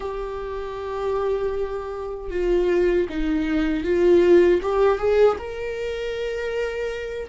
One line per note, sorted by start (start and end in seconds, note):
0.00 2.30 G4
2.30 3.07 F4
3.09 3.84 D#4
3.84 4.60 F4
4.62 4.98 G4
4.98 5.37 G#4
5.38 7.29 A#4